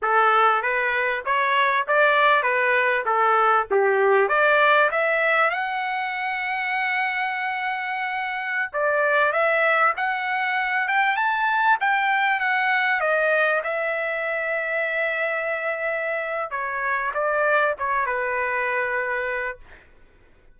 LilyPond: \new Staff \with { instrumentName = "trumpet" } { \time 4/4 \tempo 4 = 98 a'4 b'4 cis''4 d''4 | b'4 a'4 g'4 d''4 | e''4 fis''2.~ | fis''2~ fis''16 d''4 e''8.~ |
e''16 fis''4. g''8 a''4 g''8.~ | g''16 fis''4 dis''4 e''4.~ e''16~ | e''2. cis''4 | d''4 cis''8 b'2~ b'8 | }